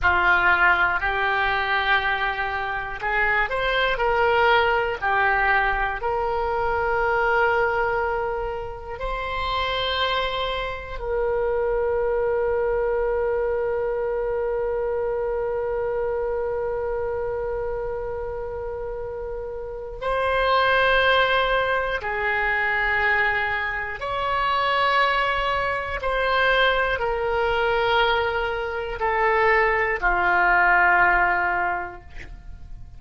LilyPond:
\new Staff \with { instrumentName = "oboe" } { \time 4/4 \tempo 4 = 60 f'4 g'2 gis'8 c''8 | ais'4 g'4 ais'2~ | ais'4 c''2 ais'4~ | ais'1~ |
ais'1 | c''2 gis'2 | cis''2 c''4 ais'4~ | ais'4 a'4 f'2 | }